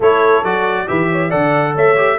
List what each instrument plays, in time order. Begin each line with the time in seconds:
0.00 tuba A3, trombone E4, horn A4, trumpet C#5
0.43 tuba F#3, trombone F#4, trumpet D5
0.87 tuba E3, trombone G4, horn B4, trumpet E5
1.11 horn C#5
1.29 tuba D3, trombone A4, horn D5, trumpet F#5
1.74 tuba A3, horn C#5, trumpet E5
1.96 trombone G4